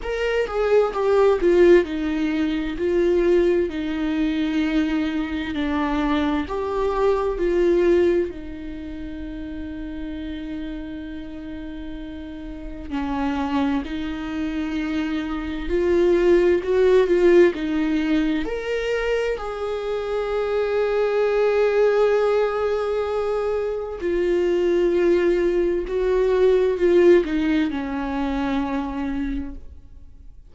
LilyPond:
\new Staff \with { instrumentName = "viola" } { \time 4/4 \tempo 4 = 65 ais'8 gis'8 g'8 f'8 dis'4 f'4 | dis'2 d'4 g'4 | f'4 dis'2.~ | dis'2 cis'4 dis'4~ |
dis'4 f'4 fis'8 f'8 dis'4 | ais'4 gis'2.~ | gis'2 f'2 | fis'4 f'8 dis'8 cis'2 | }